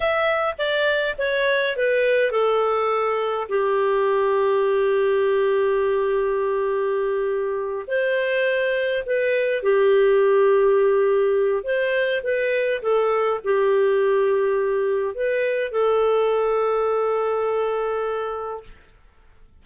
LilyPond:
\new Staff \with { instrumentName = "clarinet" } { \time 4/4 \tempo 4 = 103 e''4 d''4 cis''4 b'4 | a'2 g'2~ | g'1~ | g'4. c''2 b'8~ |
b'8 g'2.~ g'8 | c''4 b'4 a'4 g'4~ | g'2 b'4 a'4~ | a'1 | }